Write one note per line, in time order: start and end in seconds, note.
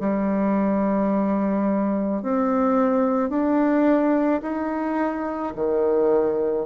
0.00 2.22 G3
2.22 3.30 C4
3.30 4.41 D4
4.42 5.54 D#4
5.55 6.66 D#3